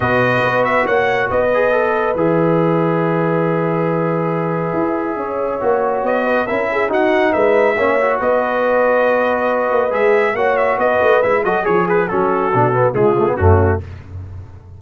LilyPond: <<
  \new Staff \with { instrumentName = "trumpet" } { \time 4/4 \tempo 4 = 139 dis''4. e''8 fis''4 dis''4~ | dis''4 e''2.~ | e''1~ | e''2 dis''4 e''4 |
fis''4 e''2 dis''4~ | dis''2. e''4 | fis''8 e''8 dis''4 e''8 dis''8 cis''8 b'8 | a'2 gis'4 fis'4 | }
  \new Staff \with { instrumentName = "horn" } { \time 4/4 b'2 cis''4 b'4~ | b'1~ | b'1 | cis''2~ cis''8 b'8 ais'8 gis'8 |
fis'4 b'4 cis''4 b'4~ | b'1 | cis''4 b'4. a'8 gis'4 | fis'2 f'4 cis'4 | }
  \new Staff \with { instrumentName = "trombone" } { \time 4/4 fis'2.~ fis'8 gis'8 | a'4 gis'2.~ | gis'1~ | gis'4 fis'2 e'4 |
dis'2 cis'8 fis'4.~ | fis'2. gis'4 | fis'2 e'8 fis'8 gis'4 | cis'4 d'8 b8 gis8 a16 b16 a4 | }
  \new Staff \with { instrumentName = "tuba" } { \time 4/4 b,4 b4 ais4 b4~ | b4 e2.~ | e2. e'4 | cis'4 ais4 b4 cis'4 |
dis'4 gis4 ais4 b4~ | b2~ b8 ais8 gis4 | ais4 b8 a8 gis8 fis8 f4 | fis4 b,4 cis4 fis,4 | }
>>